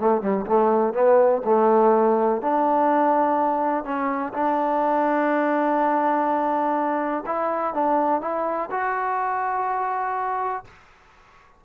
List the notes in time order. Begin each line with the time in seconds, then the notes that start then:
0.00 A3
0.21 G3
0.46 A3
0.93 B3
1.45 A3
2.41 D4
3.84 C#4
4.34 D4
7.26 E4
7.74 D4
8.21 E4
8.71 F#4